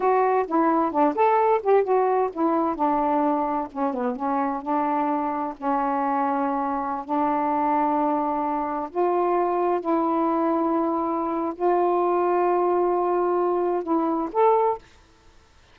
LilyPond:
\new Staff \with { instrumentName = "saxophone" } { \time 4/4 \tempo 4 = 130 fis'4 e'4 d'8 a'4 g'8 | fis'4 e'4 d'2 | cis'8 b8 cis'4 d'2 | cis'2.~ cis'16 d'8.~ |
d'2.~ d'16 f'8.~ | f'4~ f'16 e'2~ e'8.~ | e'4 f'2.~ | f'2 e'4 a'4 | }